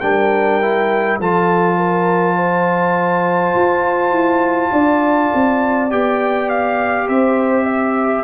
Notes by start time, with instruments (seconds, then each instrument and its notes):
0.00 tuba G3, trombone D4, horn A#4, trumpet G5
0.62 trombone E4
1.19 tuba F3, trombone F4, horn A4, trumpet A5
1.77 horn A#4
2.36 horn C5
3.55 tuba F4
4.11 tuba E4
4.71 tuba D4, horn D5
5.34 tuba C4
5.90 tuba B3, trombone G4, trumpet G5
6.49 trumpet F5
7.08 tuba C4, horn C5, trumpet E5
7.64 horn E5